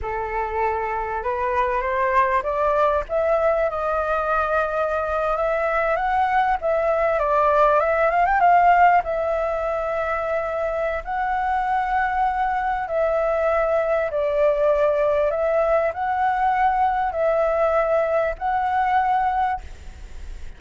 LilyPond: \new Staff \with { instrumentName = "flute" } { \time 4/4 \tempo 4 = 98 a'2 b'4 c''4 | d''4 e''4 dis''2~ | dis''8. e''4 fis''4 e''4 d''16~ | d''8. e''8 f''16 g''16 f''4 e''4~ e''16~ |
e''2 fis''2~ | fis''4 e''2 d''4~ | d''4 e''4 fis''2 | e''2 fis''2 | }